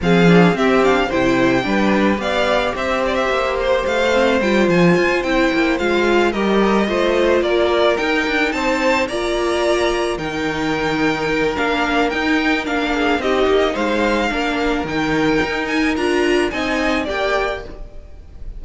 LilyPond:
<<
  \new Staff \with { instrumentName = "violin" } { \time 4/4 \tempo 4 = 109 f''4 e''8 f''8 g''2 | f''4 e''8 d''16 e''8. c''8 f''4 | g''8 gis''4 g''4 f''4 dis''8~ | dis''4. d''4 g''4 a''8~ |
a''8 ais''2 g''4.~ | g''4 f''4 g''4 f''4 | dis''4 f''2 g''4~ | g''8 gis''8 ais''4 gis''4 g''4 | }
  \new Staff \with { instrumentName = "violin" } { \time 4/4 gis'4 g'4 c''4 b'4 | d''4 c''2.~ | c''2.~ c''8 ais'8~ | ais'8 c''4 ais'2 c''8~ |
c''8 d''2 ais'4.~ | ais'2.~ ais'8 gis'8 | g'4 c''4 ais'2~ | ais'2 dis''4 d''4 | }
  \new Staff \with { instrumentName = "viola" } { \time 4/4 c'8 d'8 c'8 d'8 e'4 d'4 | g'2.~ g'8 c'8 | f'4. e'4 f'4 g'8~ | g'8 f'2 dis'4.~ |
dis'8 f'2 dis'4.~ | dis'4 d'4 dis'4 d'4 | dis'2 d'4 dis'4~ | dis'4 f'4 dis'4 g'4 | }
  \new Staff \with { instrumentName = "cello" } { \time 4/4 f4 c'4 c4 g4 | b4 c'4 ais4 a4 | g8 f8 f'8 c'8 ais8 gis4 g8~ | g8 a4 ais4 dis'8 d'8 c'8~ |
c'8 ais2 dis4.~ | dis4 ais4 dis'4 ais4 | c'8 ais8 gis4 ais4 dis4 | dis'4 d'4 c'4 ais4 | }
>>